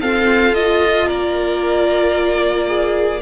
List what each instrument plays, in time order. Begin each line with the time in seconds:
0.00 viola C4, cello F4, violin A4 F5
0.53 viola F4, violin D#5
1.07 cello A#3, violin A#4 D5
2.68 violin G#4